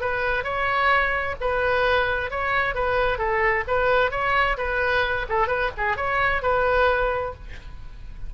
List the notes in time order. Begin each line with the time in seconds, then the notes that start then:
0.00 B4
0.43 C#5
1.40 B4
2.30 C#5
2.74 B4
3.18 A4
3.67 B4
4.11 C#5
4.57 B4
5.29 A4
5.47 B4
5.77 G#4
5.96 C#5
6.42 B4